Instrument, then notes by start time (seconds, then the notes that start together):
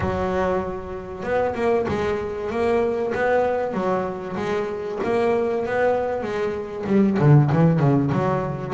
double bass
0.00 F#3
1.23 B3
1.55 A#3
1.88 G#3
2.50 A#3
3.14 B3
3.73 F#3
4.36 G#3
5.03 A#3
5.66 B3
6.22 G#3
6.86 G3
7.19 D3
7.52 E3
7.79 C#3
8.12 F#3